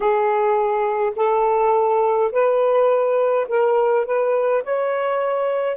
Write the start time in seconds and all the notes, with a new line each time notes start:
0.00 G#4
1.15 A4
2.31 B4
3.48 A#4
4.05 B4
4.63 C#5